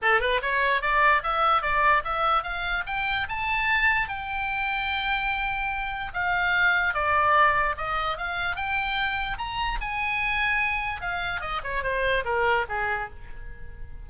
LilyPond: \new Staff \with { instrumentName = "oboe" } { \time 4/4 \tempo 4 = 147 a'8 b'8 cis''4 d''4 e''4 | d''4 e''4 f''4 g''4 | a''2 g''2~ | g''2. f''4~ |
f''4 d''2 dis''4 | f''4 g''2 ais''4 | gis''2. f''4 | dis''8 cis''8 c''4 ais'4 gis'4 | }